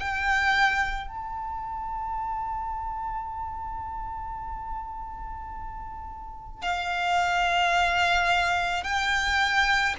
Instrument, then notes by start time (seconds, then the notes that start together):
violin
0.00 G5
1.08 A5
6.63 F5
8.84 G5